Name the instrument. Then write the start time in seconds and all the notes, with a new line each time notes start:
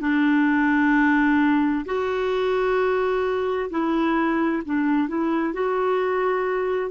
clarinet
0.00 D4
1.85 F#4
3.70 E4
4.65 D4
5.08 E4
5.53 F#4